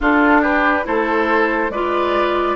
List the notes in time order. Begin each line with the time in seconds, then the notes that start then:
0.00 D4 F4 A4
0.41 G4 B4
0.83 A3 E4 A4 C5
1.69 G#3 F4 B4 D5